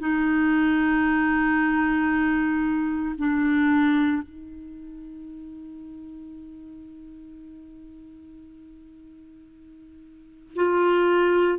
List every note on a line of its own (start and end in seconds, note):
0.00 3.16 D#4
3.18 4.22 D4
4.22 10.54 D#4
10.56 11.59 F4